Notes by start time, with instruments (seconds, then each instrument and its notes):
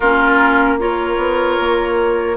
0.00 bassoon A#3, clarinet C#4, oboe F4, flute A#4
0.78 clarinet F4, oboe A#4, flute C#5
1.16 bassoon B3
1.59 bassoon A#3